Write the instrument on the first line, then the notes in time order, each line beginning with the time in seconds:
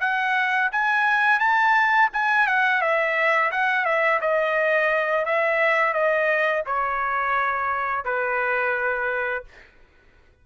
trumpet
0.00 F#5
0.72 G#5
1.40 A5
2.13 G#5
2.47 F#5
2.81 E5
3.51 F#5
3.85 E5
4.21 D#5
5.25 E5
5.93 D#5
6.66 C#5
8.04 B4